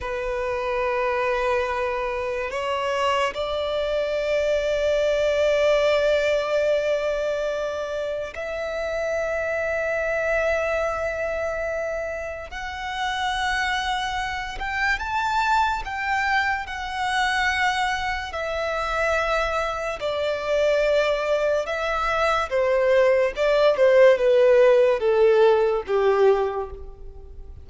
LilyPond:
\new Staff \with { instrumentName = "violin" } { \time 4/4 \tempo 4 = 72 b'2. cis''4 | d''1~ | d''2 e''2~ | e''2. fis''4~ |
fis''4. g''8 a''4 g''4 | fis''2 e''2 | d''2 e''4 c''4 | d''8 c''8 b'4 a'4 g'4 | }